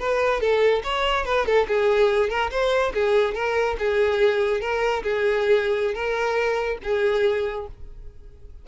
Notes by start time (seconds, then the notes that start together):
0.00 B4
0.41 A4
0.84 C#5
1.26 B4
1.46 A4
1.68 G#4
2.30 A#4
2.51 C5
2.95 G#4
3.35 A#4
3.79 G#4
4.61 A#4
5.04 G#4
5.95 A#4
6.84 G#4